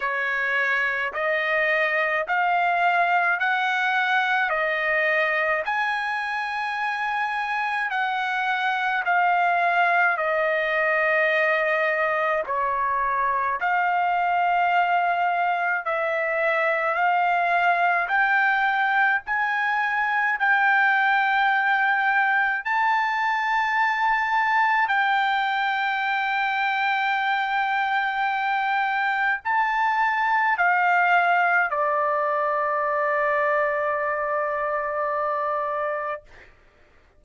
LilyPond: \new Staff \with { instrumentName = "trumpet" } { \time 4/4 \tempo 4 = 53 cis''4 dis''4 f''4 fis''4 | dis''4 gis''2 fis''4 | f''4 dis''2 cis''4 | f''2 e''4 f''4 |
g''4 gis''4 g''2 | a''2 g''2~ | g''2 a''4 f''4 | d''1 | }